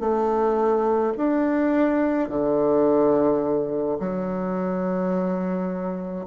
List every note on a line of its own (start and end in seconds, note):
0.00 1.13 A3
1.17 2.28 D4
2.28 3.98 D3
3.99 6.26 F#3